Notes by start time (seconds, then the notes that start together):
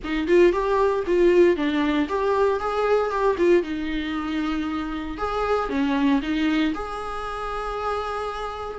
0.04 D#4
0.27 F4
0.52 G4
1.07 F4
1.56 D4
2.08 G4
2.60 G#4
3.10 G4
3.38 F4
3.63 D#4
5.17 G#4
5.69 C#4
6.22 D#4
6.74 G#4